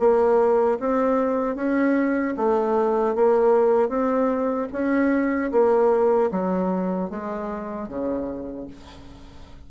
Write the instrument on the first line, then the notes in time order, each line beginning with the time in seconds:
bassoon
0.00 A#3
0.80 C4
1.56 C#4
2.37 A3
3.15 A#3
3.89 C4
4.73 C#4
5.52 A#3
6.32 F#3
7.10 G#3
7.88 C#3